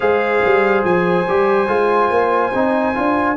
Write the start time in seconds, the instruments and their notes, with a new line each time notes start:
0.00 tuba G#3, trombone G#4, horn C5, trumpet F5
0.44 tuba G3
0.84 tuba F3, trumpet G#5
1.28 tuba G3, trombone G4
1.67 tuba G#3, trombone F4
2.10 tuba A#3
2.54 tuba C4, trombone D#4
2.94 tuba D4, trombone F4